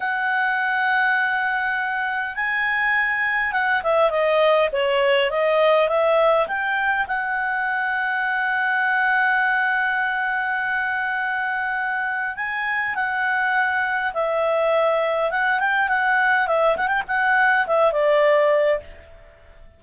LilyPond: \new Staff \with { instrumentName = "clarinet" } { \time 4/4 \tempo 4 = 102 fis''1 | gis''2 fis''8 e''8 dis''4 | cis''4 dis''4 e''4 g''4 | fis''1~ |
fis''1~ | fis''4 gis''4 fis''2 | e''2 fis''8 g''8 fis''4 | e''8 fis''16 g''16 fis''4 e''8 d''4. | }